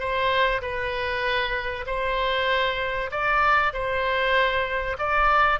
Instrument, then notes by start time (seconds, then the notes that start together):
oboe
0.00 C5
0.62 B4
1.87 C5
3.12 D5
3.73 C5
4.99 D5